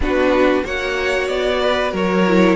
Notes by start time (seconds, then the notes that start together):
0.00 B3 D4 F#4 B4
0.64 A#3 F#4 C#5 F#5
1.28 B3 D5
1.61 B4
1.91 F#3 A#4 C#5
2.27 E4